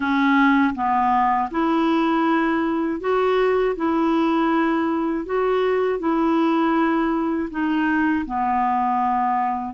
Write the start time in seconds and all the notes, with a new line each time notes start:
0.00 C#4
0.74 B3
1.50 E4
3.00 F#4
3.75 E4
5.25 F#4
5.99 E4
7.50 D#4
8.25 B3